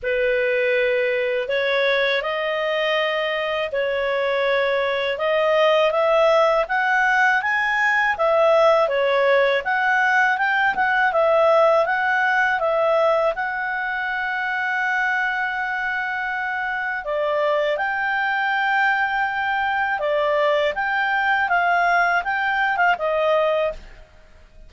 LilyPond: \new Staff \with { instrumentName = "clarinet" } { \time 4/4 \tempo 4 = 81 b'2 cis''4 dis''4~ | dis''4 cis''2 dis''4 | e''4 fis''4 gis''4 e''4 | cis''4 fis''4 g''8 fis''8 e''4 |
fis''4 e''4 fis''2~ | fis''2. d''4 | g''2. d''4 | g''4 f''4 g''8. f''16 dis''4 | }